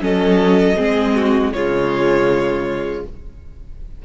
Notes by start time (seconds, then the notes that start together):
0.00 F#3 C#4 A4 D#5
0.77 G#3 C4 G#4
1.15 F#4
1.53 C#3 G#3 F4 C#5